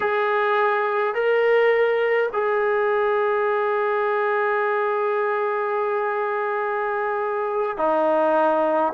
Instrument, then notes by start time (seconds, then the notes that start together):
trombone
0.00 G#4
1.14 A#4
2.32 G#4
7.77 D#4